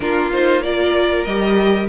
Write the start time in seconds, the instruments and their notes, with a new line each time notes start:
0.00 cello A#3, viola D4, violin F4 A#4
0.32 viola D#4, violin C5
0.62 viola F4, violin A#4 D5
1.24 cello G3, viola G4, violin D#5